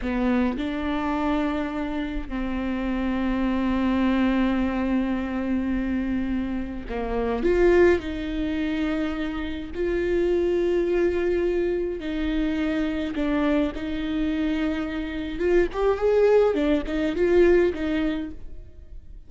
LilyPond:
\new Staff \with { instrumentName = "viola" } { \time 4/4 \tempo 4 = 105 b4 d'2. | c'1~ | c'1 | ais4 f'4 dis'2~ |
dis'4 f'2.~ | f'4 dis'2 d'4 | dis'2. f'8 g'8 | gis'4 d'8 dis'8 f'4 dis'4 | }